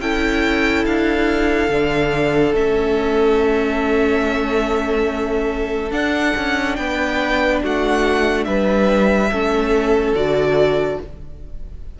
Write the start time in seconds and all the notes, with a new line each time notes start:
0.00 C#4 E4 A4 G5
0.85 D4 F5
1.69 D3 D4
2.53 A3 C#4 E5
5.90 D4 F#5
6.36 C#4
6.76 B3 B4 G5
7.62 A3 F#4 F#5
8.44 G3 B4 E5
9.30 A3 C#4 A4
10.12 D3 F#4 D5